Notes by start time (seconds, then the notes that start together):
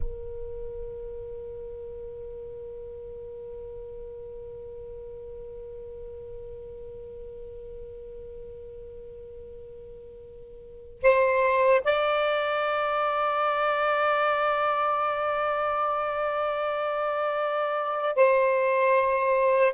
0.00 A#4
11.02 C5
11.84 D5
18.15 C5